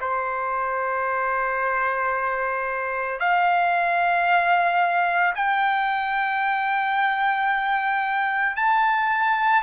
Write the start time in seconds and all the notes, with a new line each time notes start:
0.00 C5
3.19 F5
5.35 G5
8.56 A5